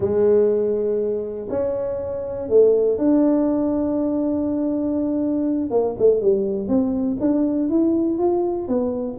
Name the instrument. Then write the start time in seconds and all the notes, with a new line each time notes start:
tuba
0.00 G#3
1.49 C#4
2.48 A3
2.98 D4
5.70 A#3
5.98 A3
6.21 G3
6.68 C4
7.20 D4
7.69 E4
8.18 F4
8.68 B3